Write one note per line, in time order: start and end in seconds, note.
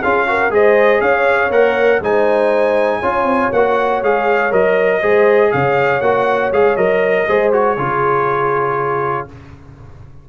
0.00 0.50 C#4
0.00 0.27 F4
0.00 0.25 G#4
0.00 0.52 F5
0.27 0.50 F#4
0.27 0.53 A#4
0.50 1.00 G#3
0.50 1.50 G#4
0.50 1.01 C5
0.50 1.01 D#5
1.01 1.50 C#4
1.01 2.01 C#5
1.01 1.51 F5
1.50 2.00 A#3
1.50 2.01 A#4
1.50 2.02 F#5
2.00 3.00 G#3
2.00 3.02 D#4
2.00 2.99 C5
2.00 3.52 G#5
2.99 3.23 C#4
2.99 3.52 F4
2.99 4.99 C#5
3.23 3.48 C4
3.52 4.02 A#3
3.52 4.03 F#4
3.52 4.02 F#5
4.02 4.52 G#3
4.02 4.51 G#4
4.02 4.52 F5
4.51 5.02 F#3
4.51 5.01 A#4
4.51 5.51 D#5
5.00 5.52 G#3
5.00 6.02 G#4
5.00 5.50 C5
5.51 6.01 C#3
5.51 7.27 C#5
5.51 6.01 F5
6.01 6.51 A#3
6.01 6.52 F#4
6.01 6.51 F#5
6.51 6.76 G#3
6.51 6.77 G#4
6.51 6.76 F5
6.76 7.26 F#3
6.76 7.27 A#4
6.76 7.51 D#5
7.27 7.77 G#3
7.27 7.52 G#4
7.27 7.77 C5
7.52 7.77 F#4
7.52 9.27 C#5
7.77 9.27 C#3
7.77 9.28 F4
7.77 9.29 G#4